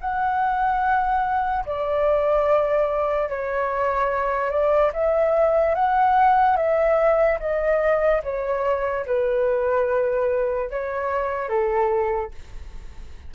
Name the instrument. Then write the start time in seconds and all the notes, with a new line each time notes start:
flute
0.00 F#5
1.65 D5
3.29 C#5
4.50 D5
4.93 E5
5.74 F#5
6.56 E5
7.39 D#5
8.23 C#5
9.06 B4
10.70 C#5
11.48 A4